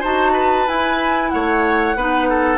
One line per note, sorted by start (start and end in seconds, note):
0.00 0.67 D#4
0.00 0.67 F#4
0.00 0.32 C5
0.00 0.68 A5
0.33 1.30 B4
0.67 1.96 E4
0.67 1.32 E4
0.67 1.30 G#5
1.30 1.95 A3
1.30 1.97 C#5
1.30 2.58 F#5
1.95 2.58 B3
1.95 2.58 D#4
1.95 2.29 B4
2.30 2.58 A4